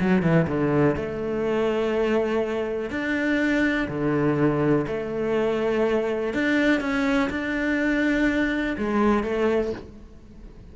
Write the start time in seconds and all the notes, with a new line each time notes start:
0.00 F#3
0.22 E3
0.48 D3
0.96 A3
2.90 D4
3.88 D3
4.87 A3
6.34 D4
6.81 C#4
7.30 D4
8.78 G#3
9.23 A3